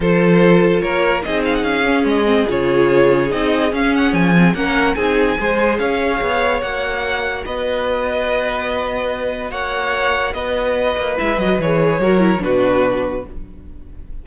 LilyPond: <<
  \new Staff \with { instrumentName = "violin" } { \time 4/4 \tempo 4 = 145 c''2 cis''4 dis''8 f''16 fis''16 | f''4 dis''4 cis''2 | dis''4 f''8 fis''8 gis''4 fis''4 | gis''2 f''2 |
fis''2 dis''2~ | dis''2. fis''4~ | fis''4 dis''2 e''8 dis''8 | cis''2 b'2 | }
  \new Staff \with { instrumentName = "violin" } { \time 4/4 a'2 ais'4 gis'4~ | gis'1~ | gis'2. ais'4 | gis'4 c''4 cis''2~ |
cis''2 b'2~ | b'2. cis''4~ | cis''4 b'2.~ | b'4 ais'4 fis'2 | }
  \new Staff \with { instrumentName = "viola" } { \time 4/4 f'2. dis'4~ | dis'8 cis'4 c'8 f'2 | dis'4 cis'4. c'8 cis'4 | dis'4 gis'2. |
fis'1~ | fis'1~ | fis'2. e'8 fis'8 | gis'4 fis'8 e'8 d'2 | }
  \new Staff \with { instrumentName = "cello" } { \time 4/4 f2 ais4 c'4 | cis'4 gis4 cis2 | c'4 cis'4 f4 ais4 | c'4 gis4 cis'4 b4 |
ais2 b2~ | b2. ais4~ | ais4 b4. ais8 gis8 fis8 | e4 fis4 b,2 | }
>>